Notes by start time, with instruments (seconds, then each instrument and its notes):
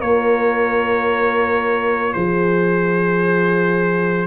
0.00 tuba A#3, trombone F4, horn A#4, trumpet C#5
2.13 tuba F3, horn G#4, trumpet C5